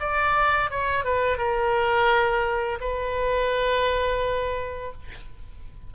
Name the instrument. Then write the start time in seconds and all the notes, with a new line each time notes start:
oboe
0.00 D5
0.71 C#5
1.05 B4
1.38 A#4
2.81 B4